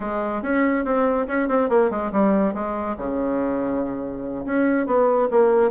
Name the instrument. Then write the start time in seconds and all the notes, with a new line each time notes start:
bassoon
0.00 G#3
0.42 C#4
0.84 C4
1.27 C#4
1.48 C4
1.69 A#3
1.90 G#3
2.11 G3
2.54 G#3
2.97 C#3
4.45 C#4
4.86 B3
5.30 A#3